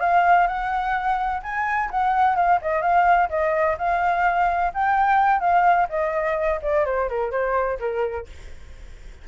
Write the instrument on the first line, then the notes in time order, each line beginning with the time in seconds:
flute
0.00 F5
0.47 F#5
1.43 G#5
1.91 F#5
2.36 F5
2.62 D#5
2.82 F5
3.29 D#5
3.78 F5
4.74 G5
5.40 F5
5.89 D#5
6.62 D5
6.85 C5
7.09 A#4
7.31 C5
7.80 A#4